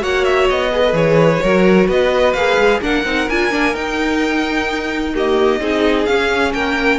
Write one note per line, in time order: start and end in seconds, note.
0.00 0.49 A#3
0.00 0.70 F#4
0.00 0.71 C#5
0.00 0.24 F#5
0.24 0.47 E5
0.49 0.92 B3
0.49 0.95 D#5
0.72 0.83 G#4
0.72 1.42 B4
0.84 0.93 A4
0.92 1.38 E3
0.92 1.39 G#4
0.92 1.88 C#5
1.43 1.88 F#3
1.43 2.37 F#4
1.43 1.86 A#4
1.86 2.34 B3
1.86 2.79 B4
1.86 2.33 D#5
2.33 2.57 A#3
2.33 2.81 G#4
2.33 2.79 F5
2.57 2.80 G#3
2.80 3.04 A#3
2.80 3.05 D4
2.80 5.13 A#4
2.80 3.29 F#5
3.04 3.28 C4
3.04 3.29 D#4
3.29 3.52 D4
3.29 3.51 F4
3.29 3.75 G#5
3.51 3.74 A#3
3.51 3.73 D4
3.73 5.13 D#4
3.73 5.59 D#4
3.73 5.15 G5
5.14 5.60 A#3
5.14 5.60 G4
5.14 6.05 D#5
5.59 6.06 C4
5.59 6.07 D#4
5.59 6.54 G#4
6.05 6.54 C#4
6.05 6.98 C#4
6.05 6.52 F5
6.53 6.98 A#3
6.53 6.98 A#4
6.53 6.98 G5